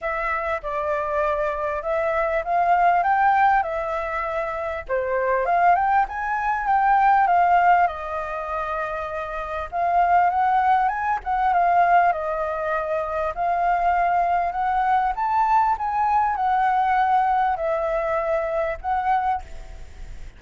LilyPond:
\new Staff \with { instrumentName = "flute" } { \time 4/4 \tempo 4 = 99 e''4 d''2 e''4 | f''4 g''4 e''2 | c''4 f''8 g''8 gis''4 g''4 | f''4 dis''2. |
f''4 fis''4 gis''8 fis''8 f''4 | dis''2 f''2 | fis''4 a''4 gis''4 fis''4~ | fis''4 e''2 fis''4 | }